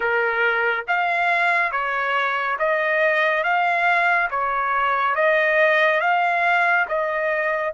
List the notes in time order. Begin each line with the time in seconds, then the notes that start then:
0.00 A#4
0.87 F5
1.71 C#5
2.58 D#5
3.43 F5
4.30 C#5
5.15 D#5
6.00 F5
6.88 D#5